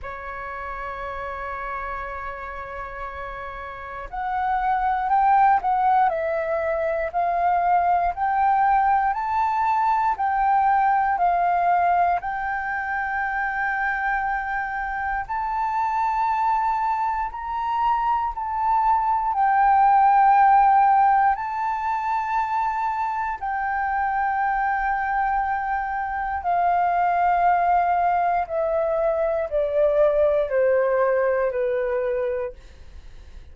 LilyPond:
\new Staff \with { instrumentName = "flute" } { \time 4/4 \tempo 4 = 59 cis''1 | fis''4 g''8 fis''8 e''4 f''4 | g''4 a''4 g''4 f''4 | g''2. a''4~ |
a''4 ais''4 a''4 g''4~ | g''4 a''2 g''4~ | g''2 f''2 | e''4 d''4 c''4 b'4 | }